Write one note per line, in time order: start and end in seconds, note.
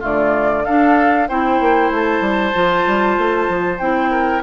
0.00 0.67 D3
0.00 0.64 A3
0.00 0.63 F4
0.00 0.65 D5
0.65 1.30 D4
0.65 1.29 D4
0.65 1.29 A4
0.65 1.28 F5
1.28 1.60 C4
1.28 2.53 E4
1.28 4.11 C5
1.28 1.92 G5
1.60 1.90 A#3
1.90 2.21 A3
1.90 3.79 A5
2.21 2.52 G3
2.53 2.86 F3
2.53 3.80 F4
2.86 3.18 G3
3.18 3.49 A3
3.49 3.80 F3
3.79 4.43 C4
3.79 4.43 E4
3.79 4.42 G5
4.11 4.42 A#4